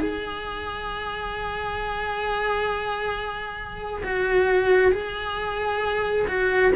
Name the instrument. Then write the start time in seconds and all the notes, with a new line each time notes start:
cello
0.00 G#4
4.03 F#4
4.92 G#4
6.28 F#4